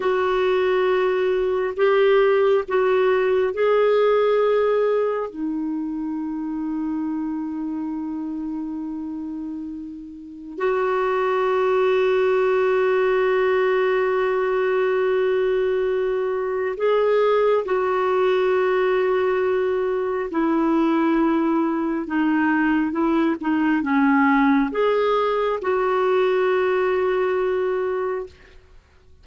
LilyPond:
\new Staff \with { instrumentName = "clarinet" } { \time 4/4 \tempo 4 = 68 fis'2 g'4 fis'4 | gis'2 dis'2~ | dis'1 | fis'1~ |
fis'2. gis'4 | fis'2. e'4~ | e'4 dis'4 e'8 dis'8 cis'4 | gis'4 fis'2. | }